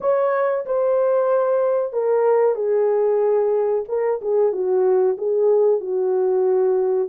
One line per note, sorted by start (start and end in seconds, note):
0.00 0.65 C#5
0.65 1.92 C5
1.92 2.55 A#4
2.55 3.84 G#4
3.88 4.20 A#4
4.21 4.52 G#4
4.52 5.16 F#4
5.17 5.80 G#4
5.80 7.09 F#4